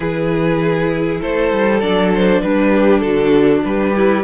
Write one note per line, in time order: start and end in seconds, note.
0.00 1.20 E3
0.00 1.79 E4
0.00 1.21 G#4
0.00 1.21 B4
1.21 1.52 A3
1.21 2.42 A4
1.21 1.80 C5
1.52 1.82 G3
1.80 2.42 F#3
1.80 2.71 D4
1.80 2.10 D5
2.14 2.41 C5
2.41 3.02 G3
2.41 3.94 D4
2.41 3.00 B4
2.71 3.02 G4
3.00 3.62 D3
3.00 3.63 F#4
3.00 3.60 A4
3.64 4.23 G3
3.64 4.23 G4
3.64 4.23 B4
3.95 4.23 E4